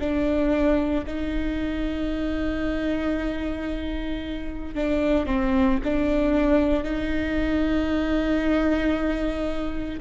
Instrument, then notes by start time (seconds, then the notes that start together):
viola
0.00 D4
1.07 D#4
4.75 D4
5.26 C4
5.84 D4
6.84 D#4